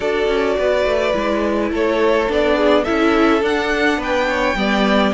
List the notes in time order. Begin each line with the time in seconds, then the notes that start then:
0.00 D4 F#4 A4 D5
0.27 C#4
0.58 B3 B4
0.85 A3
1.13 G#3 E4
1.71 A3 A4 C#5
2.28 B3 D4 D5
2.56 G#4
2.84 C#4 E4 A4 E5
3.40 D4 F#5
3.97 B3 B4 G5
4.29 C#5
4.55 G3 B3 D5